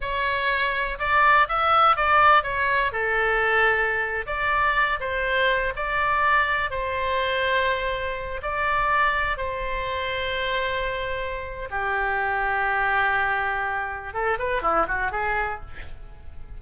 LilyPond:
\new Staff \with { instrumentName = "oboe" } { \time 4/4 \tempo 4 = 123 cis''2 d''4 e''4 | d''4 cis''4 a'2~ | a'8. d''4. c''4. d''16~ | d''4.~ d''16 c''2~ c''16~ |
c''4~ c''16 d''2 c''8.~ | c''1 | g'1~ | g'4 a'8 b'8 e'8 fis'8 gis'4 | }